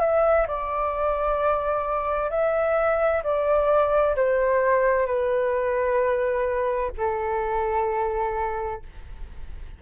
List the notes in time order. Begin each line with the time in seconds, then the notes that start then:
0.00 E5
0.47 D5
2.30 E5
3.23 D5
4.15 C5
5.06 B4
6.97 A4